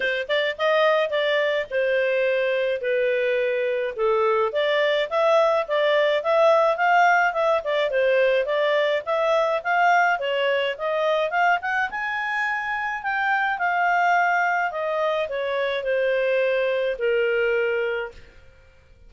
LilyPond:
\new Staff \with { instrumentName = "clarinet" } { \time 4/4 \tempo 4 = 106 c''8 d''8 dis''4 d''4 c''4~ | c''4 b'2 a'4 | d''4 e''4 d''4 e''4 | f''4 e''8 d''8 c''4 d''4 |
e''4 f''4 cis''4 dis''4 | f''8 fis''8 gis''2 g''4 | f''2 dis''4 cis''4 | c''2 ais'2 | }